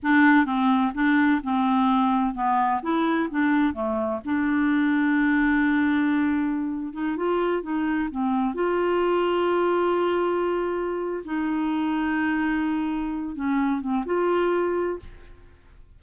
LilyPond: \new Staff \with { instrumentName = "clarinet" } { \time 4/4 \tempo 4 = 128 d'4 c'4 d'4 c'4~ | c'4 b4 e'4 d'4 | a4 d'2.~ | d'2~ d'8. dis'8 f'8.~ |
f'16 dis'4 c'4 f'4.~ f'16~ | f'1 | dis'1~ | dis'8 cis'4 c'8 f'2 | }